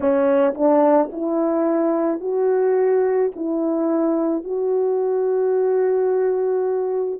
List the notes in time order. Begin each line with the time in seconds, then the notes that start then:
0.00 C#4
0.54 D4
1.12 E4
2.20 F#4
3.35 E4
4.43 F#4